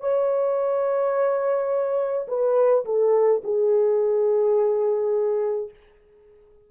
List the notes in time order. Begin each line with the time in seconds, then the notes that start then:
0.00 C#5
2.27 B4
2.85 A4
3.43 G#4